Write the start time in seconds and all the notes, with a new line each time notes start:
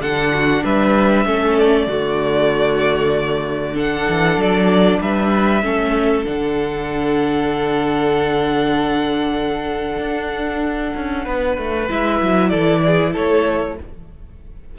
0.00 D3 D4 A4 F#5
0.34 F#4
0.64 G3 B4 E5
1.25 A3 C#4 A4
1.58 D5
1.87 D3 A3 F#4
3.74 D4 A4 F#5
4.09 E3
4.37 F#3 D5
5.01 G3 B4 E5
5.62 A3 C#4 A4
6.24 D3 D4 F#5
9.99 D4
10.96 C#4
11.25 B3 B4
11.58 A3
11.89 G#3 E4 E5
12.21 F#3
12.49 E3 A4 D5
12.86 G#4
13.13 A3 A4 C#5